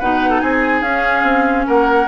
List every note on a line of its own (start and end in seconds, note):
0.00 0.43 B2
0.00 0.86 D#4
0.00 0.30 B4
0.00 0.41 F#5
0.30 0.41 A4
0.41 0.82 C4
0.41 1.67 G#4
0.41 0.83 G#5
0.82 1.23 C#4
0.82 2.08 C#4
0.82 1.67 F5
1.23 1.65 C4
1.67 2.08 A#3
1.67 2.08 A#4
1.67 2.08 F#5